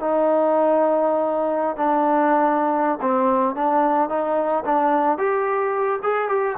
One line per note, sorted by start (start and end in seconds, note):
0.00 1.76 D#4
1.76 2.99 D4
3.01 3.55 C4
3.55 4.09 D4
4.09 4.64 D#4
4.65 5.18 D4
5.18 6.00 G4
6.03 6.28 G#4
6.28 6.56 G4